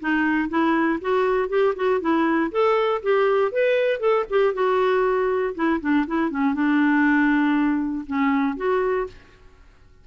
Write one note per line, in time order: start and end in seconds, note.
0.00 0.49 D#4
0.49 0.99 E4
1.00 1.49 F#4
1.49 1.74 G4
1.75 2.00 F#4
2.00 2.51 E4
2.51 3.01 A4
3.02 3.51 G4
3.51 3.99 B4
3.99 4.25 A4
4.29 4.54 G4
4.54 5.54 F#4
5.54 5.80 E4
5.80 6.05 D4
6.07 6.30 E4
6.30 6.54 C#4
6.54 8.05 D4
8.06 8.56 C#4
8.56 9.06 F#4